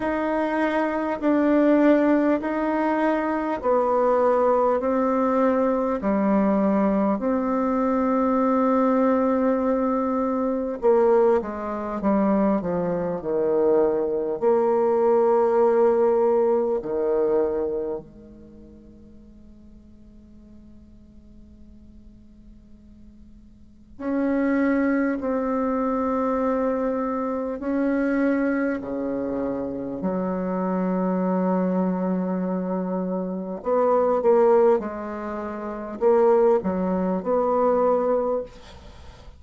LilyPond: \new Staff \with { instrumentName = "bassoon" } { \time 4/4 \tempo 4 = 50 dis'4 d'4 dis'4 b4 | c'4 g4 c'2~ | c'4 ais8 gis8 g8 f8 dis4 | ais2 dis4 gis4~ |
gis1 | cis'4 c'2 cis'4 | cis4 fis2. | b8 ais8 gis4 ais8 fis8 b4 | }